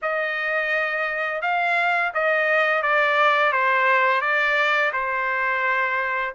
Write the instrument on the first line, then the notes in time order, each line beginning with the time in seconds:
trumpet
0.02 D#5
1.41 F5
2.14 D#5
2.82 D5
3.52 C5
4.21 D5
4.93 C5